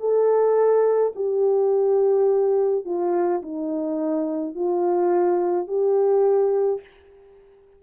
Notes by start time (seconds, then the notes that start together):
0.00 A4
1.16 G4
2.86 F4
3.43 D#4
4.55 F4
5.68 G4